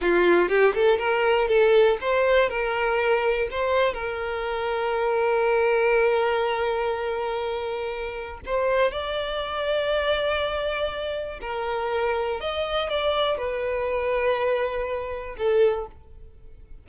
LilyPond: \new Staff \with { instrumentName = "violin" } { \time 4/4 \tempo 4 = 121 f'4 g'8 a'8 ais'4 a'4 | c''4 ais'2 c''4 | ais'1~ | ais'1~ |
ais'4 c''4 d''2~ | d''2. ais'4~ | ais'4 dis''4 d''4 b'4~ | b'2. a'4 | }